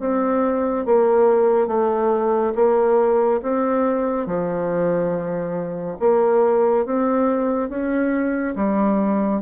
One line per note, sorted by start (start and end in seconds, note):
0.00 0.85 C4
0.85 1.68 A#3
1.68 2.53 A3
2.55 3.41 A#3
3.42 4.26 C4
4.26 5.98 F3
6.00 6.85 A#3
6.85 7.69 C4
7.69 8.55 C#4
8.56 9.41 G3